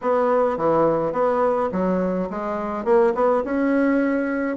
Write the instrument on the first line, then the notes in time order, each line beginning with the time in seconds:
bassoon
0.01 B3
0.57 E3
1.12 B3
1.72 F#3
2.30 G#3
2.84 A#3
3.14 B3
3.44 C#4